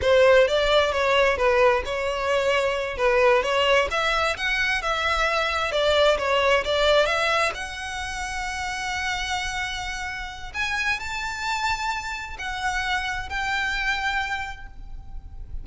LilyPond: \new Staff \with { instrumentName = "violin" } { \time 4/4 \tempo 4 = 131 c''4 d''4 cis''4 b'4 | cis''2~ cis''8 b'4 cis''8~ | cis''8 e''4 fis''4 e''4.~ | e''8 d''4 cis''4 d''4 e''8~ |
e''8 fis''2.~ fis''8~ | fis''2. gis''4 | a''2. fis''4~ | fis''4 g''2. | }